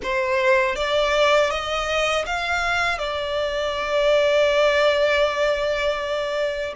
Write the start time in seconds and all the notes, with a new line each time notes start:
0.02 C5
0.75 D5
1.50 D#5
2.25 F5
2.98 D5